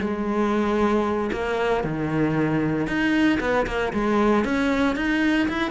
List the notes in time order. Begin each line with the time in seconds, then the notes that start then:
0.00 G#3
1.32 A#3
1.84 D#3
2.86 D#4
3.40 B3
3.66 A#3
3.93 G#3
4.44 C#4
4.96 D#4
5.48 E4